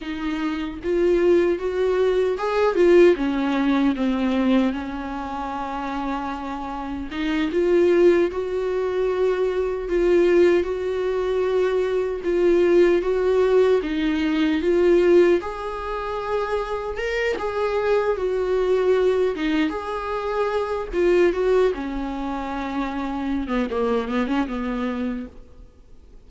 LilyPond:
\new Staff \with { instrumentName = "viola" } { \time 4/4 \tempo 4 = 76 dis'4 f'4 fis'4 gis'8 f'8 | cis'4 c'4 cis'2~ | cis'4 dis'8 f'4 fis'4.~ | fis'8 f'4 fis'2 f'8~ |
f'8 fis'4 dis'4 f'4 gis'8~ | gis'4. ais'8 gis'4 fis'4~ | fis'8 dis'8 gis'4. f'8 fis'8 cis'8~ | cis'4.~ cis'16 b16 ais8 b16 cis'16 b4 | }